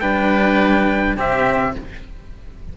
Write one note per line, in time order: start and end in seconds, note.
0.00 1.15 G3
0.00 1.17 D4
0.00 1.16 B4
0.00 1.17 G5
1.15 1.74 C3
1.15 1.75 C4
1.15 1.75 G4
1.15 1.77 E5